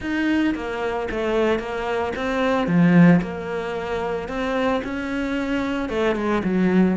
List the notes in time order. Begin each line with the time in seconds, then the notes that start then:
0.00 D#4
0.54 A#3
1.10 A3
1.59 A#3
2.16 C4
2.67 F3
3.21 A#3
4.28 C4
4.84 C#4
5.89 A3
6.15 G#3
6.44 F#3